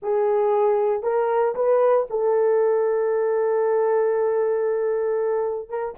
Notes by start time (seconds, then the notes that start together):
0.02 G#4
1.03 A#4
1.55 B4
2.09 A4
5.69 A#4